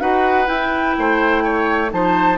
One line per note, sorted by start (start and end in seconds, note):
0.00 0.48 D#4
0.00 0.46 F#4
0.00 0.97 B4
0.00 0.48 F#5
0.46 1.88 E4
0.46 0.96 E4
0.46 1.91 G5
0.99 1.93 A3
0.99 1.44 C5
1.44 1.92 C#5
1.90 2.38 F3
1.90 2.37 D#4
1.90 2.38 C5
1.90 2.38 A5